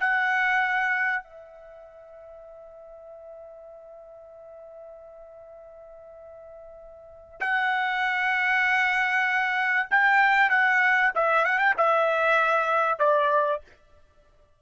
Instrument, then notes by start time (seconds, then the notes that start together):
trumpet
0.00 F#5
1.23 E5
7.40 F#5
9.91 G5
10.50 F#5
11.15 E5
11.45 F#5
11.59 G5
11.77 E5
12.99 D5